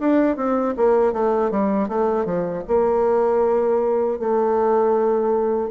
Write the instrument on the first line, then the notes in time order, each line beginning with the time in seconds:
bassoon
0.00 D4
0.36 C4
0.77 A#3
1.13 A3
1.51 G3
1.88 A3
2.25 F3
2.68 A#3
4.19 A3